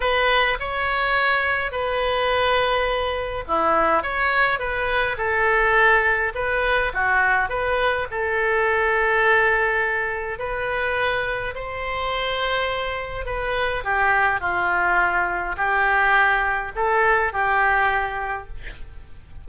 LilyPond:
\new Staff \with { instrumentName = "oboe" } { \time 4/4 \tempo 4 = 104 b'4 cis''2 b'4~ | b'2 e'4 cis''4 | b'4 a'2 b'4 | fis'4 b'4 a'2~ |
a'2 b'2 | c''2. b'4 | g'4 f'2 g'4~ | g'4 a'4 g'2 | }